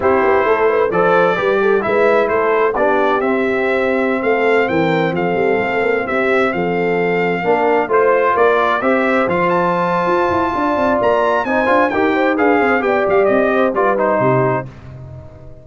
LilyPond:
<<
  \new Staff \with { instrumentName = "trumpet" } { \time 4/4 \tempo 4 = 131 c''2 d''2 | e''4 c''4 d''4 e''4~ | e''4~ e''16 f''4 g''4 f''8.~ | f''4~ f''16 e''4 f''4.~ f''16~ |
f''4~ f''16 c''4 d''4 e''8.~ | e''16 f''8 a''2.~ a''16 | ais''4 gis''4 g''4 f''4 | g''8 f''8 dis''4 d''8 c''4. | }
  \new Staff \with { instrumentName = "horn" } { \time 4/4 g'4 a'8 b'8 c''4 b'8 a'8 | b'4 a'4 g'2~ | g'4~ g'16 a'4 ais'4 a'8.~ | a'4~ a'16 g'4 a'4.~ a'16~ |
a'16 ais'4 c''4 ais'4 c''8.~ | c''2. d''4~ | d''4 c''4 ais'8 c''8 b'8 c''8 | d''4. c''8 b'4 g'4 | }
  \new Staff \with { instrumentName = "trombone" } { \time 4/4 e'2 a'4 g'4 | e'2 d'4 c'4~ | c'1~ | c'1~ |
c'16 d'4 f'2 g'8.~ | g'16 f'2.~ f'8.~ | f'4 dis'8 f'8 g'4 gis'4 | g'2 f'8 dis'4. | }
  \new Staff \with { instrumentName = "tuba" } { \time 4/4 c'8 b8 a4 f4 g4 | gis4 a4 b4 c'4~ | c'4~ c'16 a4 e4 f8 g16~ | g16 a8 ais8 c'4 f4.~ f16~ |
f16 ais4 a4 ais4 c'8.~ | c'16 f4.~ f16 f'8 e'8 d'8 c'8 | ais4 c'8 d'8 dis'4 d'8 c'8 | b8 g8 c'4 g4 c4 | }
>>